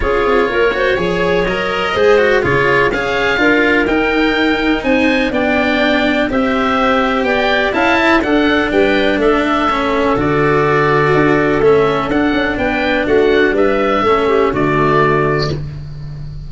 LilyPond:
<<
  \new Staff \with { instrumentName = "oboe" } { \time 4/4 \tempo 4 = 124 cis''2. dis''4~ | dis''4 cis''4 f''2 | g''2 gis''4 g''4~ | g''4 e''2 g''4 |
a''4 fis''4 g''4 e''4~ | e''4 d''2. | e''4 fis''4 g''4 fis''4 | e''2 d''2 | }
  \new Staff \with { instrumentName = "clarinet" } { \time 4/4 gis'4 ais'8 c''8 cis''2 | c''4 gis'4 cis''4 ais'4~ | ais'2 c''4 d''4~ | d''4 c''2 d''4 |
f''8 e''8 a'4 b'4 a'4~ | a'1~ | a'2 b'4 fis'4 | b'4 a'8 g'8 fis'2 | }
  \new Staff \with { instrumentName = "cello" } { \time 4/4 f'4. fis'8 gis'4 ais'4 | gis'8 fis'8 f'4 gis'4 f'4 | dis'2. d'4~ | d'4 g'2. |
e'4 d'2. | cis'4 fis'2. | cis'4 d'2.~ | d'4 cis'4 a2 | }
  \new Staff \with { instrumentName = "tuba" } { \time 4/4 cis'8 c'8 ais4 f4 fis4 | gis4 cis4 cis'4 d'4 | dis'2 c'4 b4~ | b4 c'2 b4 |
cis'4 d'4 g4 a4~ | a4 d2 d'4 | a4 d'8 cis'8 b4 a4 | g4 a4 d2 | }
>>